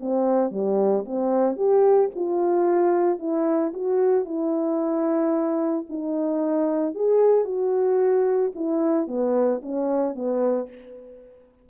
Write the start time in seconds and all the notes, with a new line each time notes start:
0.00 C4
0.51 G3
1.05 C4
1.56 G4
2.15 F4
3.19 E4
3.73 F#4
4.25 E4
5.89 D#4
6.94 G#4
7.44 F#4
8.55 E4
9.07 B3
9.62 C#4
10.15 B3